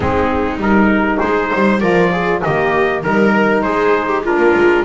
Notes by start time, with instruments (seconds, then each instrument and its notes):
0.00 double bass G#3, saxophone C4, viola D#4, trumpet G#4
0.57 double bass G3, saxophone D#4, trumpet A#4
1.19 double bass G#3, viola G#4, trumpet C5
1.50 double bass G3, viola C5
1.80 double bass F3, saxophone F4, viola A#4, trumpet D5
2.12 viola G#4
2.42 double bass D#3, saxophone A#3, viola G4, trumpet D#5
3.03 double bass G3, saxophone D#4, viola A#4, trumpet A#4
3.62 double bass G#3, viola G#4, trumpet C5
4.08 viola G4
4.23 saxophone D4, viola F4, trumpet A#4
4.37 double bass A#3
4.54 double bass G#3